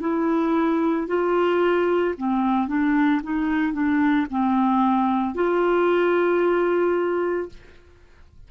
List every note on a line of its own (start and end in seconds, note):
0.00 1.07 E4
1.08 2.15 F4
2.17 2.68 C4
2.68 3.21 D4
3.23 3.73 D#4
3.73 4.27 D4
4.31 5.35 C4
5.35 7.49 F4